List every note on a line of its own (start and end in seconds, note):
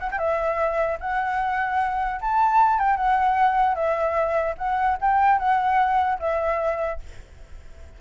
0.00 0.10 F#5
0.11 0.18 G5
0.18 0.98 E5
1.00 2.20 F#5
2.21 2.79 A5
2.79 2.97 G5
2.97 3.75 F#5
3.75 4.55 E5
4.58 4.98 F#5
5.01 5.39 G5
5.39 6.19 F#5
6.19 6.99 E5